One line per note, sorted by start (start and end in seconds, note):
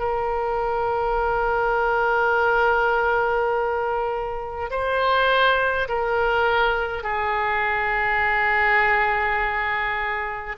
0.00 4.71 A#4
4.71 5.88 C5
5.89 7.04 A#4
7.04 10.57 G#4